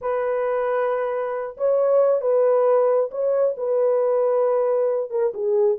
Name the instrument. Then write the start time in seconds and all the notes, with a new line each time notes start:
horn
0.01 B4
1.57 C#5
2.21 B4
3.11 C#5
3.57 B4
5.10 A#4
5.34 G#4